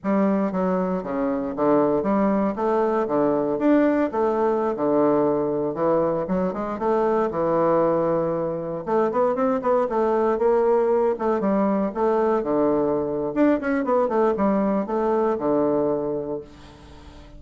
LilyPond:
\new Staff \with { instrumentName = "bassoon" } { \time 4/4 \tempo 4 = 117 g4 fis4 cis4 d4 | g4 a4 d4 d'4 | a4~ a16 d2 e8.~ | e16 fis8 gis8 a4 e4.~ e16~ |
e4~ e16 a8 b8 c'8 b8 a8.~ | a16 ais4. a8 g4 a8.~ | a16 d4.~ d16 d'8 cis'8 b8 a8 | g4 a4 d2 | }